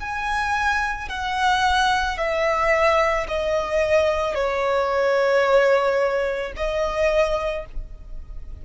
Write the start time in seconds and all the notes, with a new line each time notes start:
0.00 G#5
1.09 F#5
2.18 E5
3.28 D#5
4.35 C#5
6.57 D#5